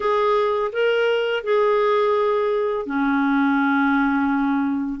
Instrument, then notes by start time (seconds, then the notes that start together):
clarinet
0.00 G#4
0.72 A#4
1.43 G#4
2.86 C#4